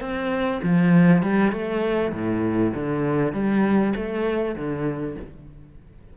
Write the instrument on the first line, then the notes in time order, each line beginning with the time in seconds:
cello
0.00 C4
0.63 F3
1.22 G3
1.52 A3
2.12 A2
2.74 D3
3.33 G3
3.95 A3
4.55 D3